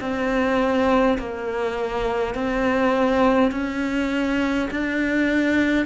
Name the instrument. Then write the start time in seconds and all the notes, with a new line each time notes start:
cello
0.00 C4
1.19 A#3
2.35 C4
3.52 C#4
4.71 D4